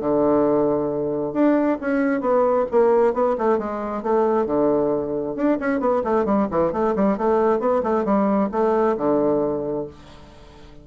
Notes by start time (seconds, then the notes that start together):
0.00 D3
1.33 D4
1.81 C#4
2.21 B3
2.71 A#3
3.14 B3
3.38 A3
3.58 G#3
4.03 A3
4.46 D3
5.36 D4
5.60 C#4
5.80 B3
6.04 A3
6.25 G3
6.51 E3
6.73 A3
6.95 G3
7.18 A3
7.60 B3
7.83 A3
8.05 G3
8.52 A3
8.97 D3